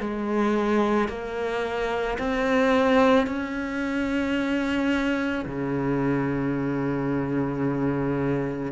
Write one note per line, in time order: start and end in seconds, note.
0.00 1.09 G#3
1.09 2.18 A#3
2.18 3.27 C4
3.27 5.45 C#4
5.45 8.72 C#3